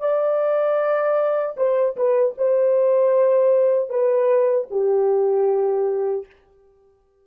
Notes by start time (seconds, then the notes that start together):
0.00 D5
1.57 C5
1.96 B4
2.38 C5
3.90 B4
4.70 G4